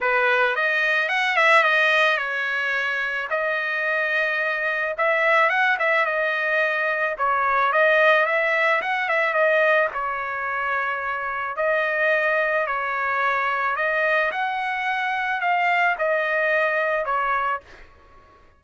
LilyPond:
\new Staff \with { instrumentName = "trumpet" } { \time 4/4 \tempo 4 = 109 b'4 dis''4 fis''8 e''8 dis''4 | cis''2 dis''2~ | dis''4 e''4 fis''8 e''8 dis''4~ | dis''4 cis''4 dis''4 e''4 |
fis''8 e''8 dis''4 cis''2~ | cis''4 dis''2 cis''4~ | cis''4 dis''4 fis''2 | f''4 dis''2 cis''4 | }